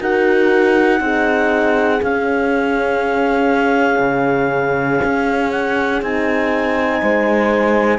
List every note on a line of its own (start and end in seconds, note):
0.00 1.00 D#4
0.00 1.00 F#4
0.00 1.01 A#4
0.00 2.02 F#5
1.00 2.00 C4
1.00 2.00 D#4
1.00 7.00 G#4
2.02 3.99 C#4
2.02 6.02 C#4
2.02 5.51 F5
3.99 4.99 C#3
5.04 6.01 C#4
5.51 6.01 F#5
6.01 7.01 C4
6.01 7.98 D#4
6.01 7.98 G#5
7.00 7.98 G#3
7.00 7.98 C5